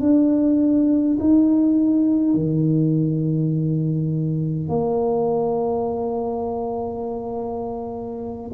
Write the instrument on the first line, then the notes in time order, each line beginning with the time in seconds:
tuba
0.00 D4
1.20 D#4
2.34 D#3
4.68 A#3